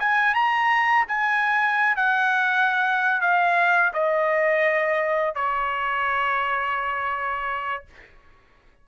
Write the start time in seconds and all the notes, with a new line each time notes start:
0.00 G#5
0.34 A#5
1.08 G#5
1.96 F#5
3.21 F5
3.94 D#5
5.35 C#5